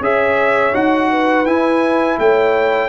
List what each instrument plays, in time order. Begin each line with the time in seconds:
0.00 tuba C#4, trombone G#4, horn C#5, trumpet E5
0.73 tuba D#4, trombone F#4, trumpet F#5
1.10 horn B4
1.45 tuba E4, trombone E4, trumpet G#5
2.19 tuba A3, horn C#5, trumpet G5